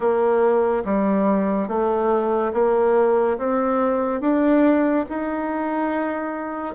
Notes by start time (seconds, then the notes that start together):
0.00 A#3
0.85 G3
1.67 A3
2.53 A#3
3.38 C4
4.20 D4
5.09 D#4